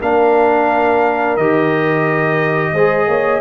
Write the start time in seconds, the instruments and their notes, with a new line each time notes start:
0.00 tuba A#3, trombone D4, horn A#4, trumpet F5
1.37 tuba D#3, trombone G4, trumpet D#5
2.73 tuba G#3, trombone G#4, horn C5
3.07 tuba A#3, horn C#5